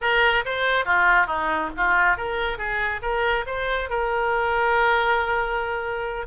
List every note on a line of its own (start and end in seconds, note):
0.01 0.44 A#4
0.45 0.85 C5
0.85 1.27 F4
1.27 1.70 D#4
1.77 2.17 F4
2.17 2.58 A#4
2.58 3.01 G#4
3.02 3.45 A#4
3.46 3.89 C5
3.89 6.26 A#4